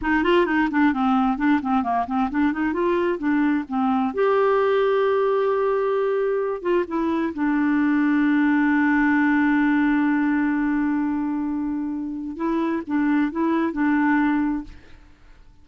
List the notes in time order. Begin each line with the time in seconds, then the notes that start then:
0.01 D#4
0.23 F4
0.46 D#4
0.70 D4
0.93 C4
1.37 D4
1.62 C4
1.83 A#3
2.06 C4
2.30 D4
2.52 D#4
2.73 F4
3.18 D4
3.68 C4
4.13 G4
6.61 F4
6.87 E4
7.34 D4
12.36 E4
12.86 D4
13.31 E4
13.72 D4